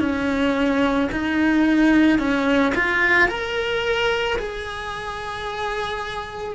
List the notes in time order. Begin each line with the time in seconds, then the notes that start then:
0.00 C#4
1.12 D#4
2.19 C#4
2.75 F4
3.28 A#4
4.39 G#4